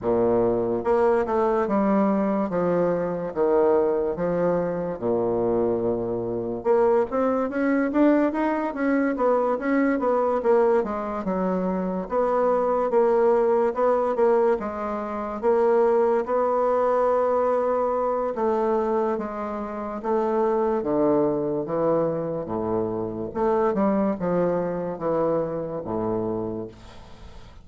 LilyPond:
\new Staff \with { instrumentName = "bassoon" } { \time 4/4 \tempo 4 = 72 ais,4 ais8 a8 g4 f4 | dis4 f4 ais,2 | ais8 c'8 cis'8 d'8 dis'8 cis'8 b8 cis'8 | b8 ais8 gis8 fis4 b4 ais8~ |
ais8 b8 ais8 gis4 ais4 b8~ | b2 a4 gis4 | a4 d4 e4 a,4 | a8 g8 f4 e4 a,4 | }